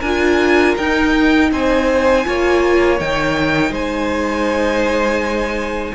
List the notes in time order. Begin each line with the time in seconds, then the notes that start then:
0.00 D4 F4 A#4 G#5
0.77 D#4 G5
1.51 C4 C5 G#5
2.25 A#3 F4 C#5
3.00 D#3 D#4 G5
3.70 G#3 C5 G#5